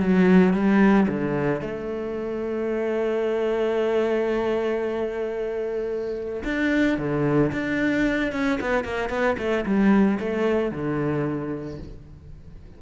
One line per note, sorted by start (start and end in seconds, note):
0.00 0.53 F#3
0.53 1.07 G3
1.08 1.61 D3
1.61 6.43 A3
6.44 6.98 D4
6.98 7.51 D3
7.52 8.33 D4
8.33 8.59 C#4
8.61 8.84 B3
8.84 9.09 A#3
9.09 9.36 B3
9.38 9.65 A3
9.66 10.19 G3
10.20 10.71 A3
10.71 11.79 D3